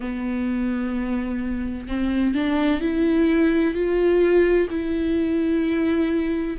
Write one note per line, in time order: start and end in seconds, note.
0.00 1.87 B3
1.87 2.34 C4
2.34 2.80 D4
2.80 3.74 E4
3.74 4.67 F4
4.70 6.57 E4